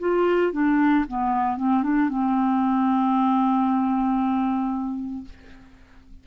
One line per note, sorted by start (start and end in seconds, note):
0.00 0.53 F4
0.53 1.05 D4
1.08 1.57 B3
1.57 1.83 C4
1.83 2.10 D4
2.10 5.25 C4